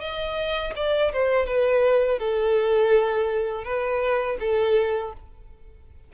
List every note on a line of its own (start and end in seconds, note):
0.00 0.73 D#5
0.75 1.12 D5
1.12 1.46 C5
1.46 2.19 B4
2.19 3.64 A4
3.64 4.37 B4
4.39 5.13 A4